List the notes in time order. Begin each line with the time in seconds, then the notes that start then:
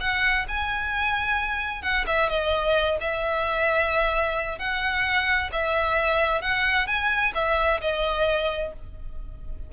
0.00 F#5
0.48 G#5
1.82 F#5
2.06 E5
2.29 D#5
3.00 E5
4.58 F#5
5.52 E5
6.41 F#5
6.86 G#5
7.34 E5
7.81 D#5